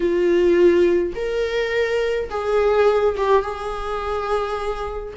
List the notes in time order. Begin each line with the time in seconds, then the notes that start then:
0.00 F4
1.15 A#4
2.30 G#4
3.16 G4
3.42 G#4